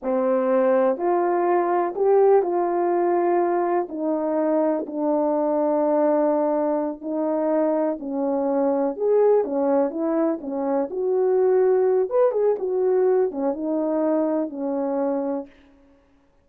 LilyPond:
\new Staff \with { instrumentName = "horn" } { \time 4/4 \tempo 4 = 124 c'2 f'2 | g'4 f'2. | dis'2 d'2~ | d'2~ d'8 dis'4.~ |
dis'8 cis'2 gis'4 cis'8~ | cis'8 e'4 cis'4 fis'4.~ | fis'4 b'8 gis'8 fis'4. cis'8 | dis'2 cis'2 | }